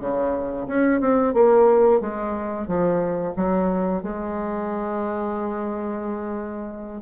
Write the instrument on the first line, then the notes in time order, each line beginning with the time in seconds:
bassoon
0.00 C#3
0.67 C#4
1.00 C4
1.34 A#3
2.01 G#3
2.67 F3
3.36 F#3
4.02 G#3